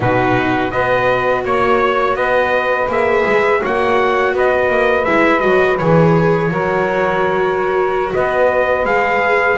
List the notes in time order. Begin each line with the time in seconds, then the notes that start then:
0.00 B2 D#4 F#4 B4
0.70 B3 F#4 B4 D#5
1.44 A#3 C#5
2.14 B3 B4 D#5
2.87 A#3 G#4 E5
3.25 G#3
3.60 A#3 F#4 C#5 F#5
4.33 B3 B4 D#5
4.69 A#3
5.05 G#3 E4 E5
5.39 F#3 F#4 D#5
5.78 E3 G#4 C#5
6.50 F#3 F#4 A#4
8.14 B3 B4 D#5
8.84 G#3 G#4 F5